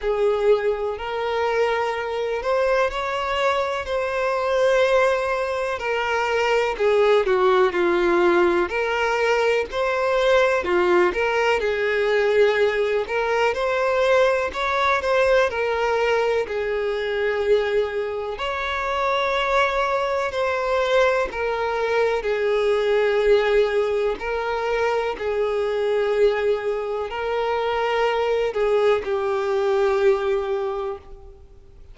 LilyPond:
\new Staff \with { instrumentName = "violin" } { \time 4/4 \tempo 4 = 62 gis'4 ais'4. c''8 cis''4 | c''2 ais'4 gis'8 fis'8 | f'4 ais'4 c''4 f'8 ais'8 | gis'4. ais'8 c''4 cis''8 c''8 |
ais'4 gis'2 cis''4~ | cis''4 c''4 ais'4 gis'4~ | gis'4 ais'4 gis'2 | ais'4. gis'8 g'2 | }